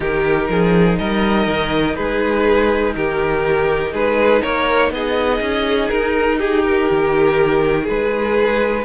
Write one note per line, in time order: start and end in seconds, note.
0.00 0.48 D#3
0.00 8.85 D#4
0.00 0.48 G4
0.00 0.98 A#4
0.49 0.98 F3
0.49 0.98 G#4
0.98 1.46 G3
0.98 1.96 A#4
0.98 1.95 D#5
1.46 1.95 D#3
1.95 2.95 G#3
1.95 2.94 G#4
1.95 2.93 B4
2.95 3.92 D#3
2.95 3.92 G4
2.95 3.93 A#4
3.92 4.41 G#3
3.92 4.41 G#4
3.92 4.42 B4
4.41 4.90 A#3
4.41 4.91 A#4
4.41 4.91 C#5
4.90 5.39 B3
4.90 6.37 G#4
4.90 5.89 D#5
5.40 5.89 C#4
5.89 6.89 D#4
5.89 6.38 A#4
6.37 7.83 G4
6.37 6.63 G#4
6.63 7.86 A#4
6.90 7.88 D#3
7.83 8.85 G#3
7.83 8.81 G#4
7.83 8.85 B4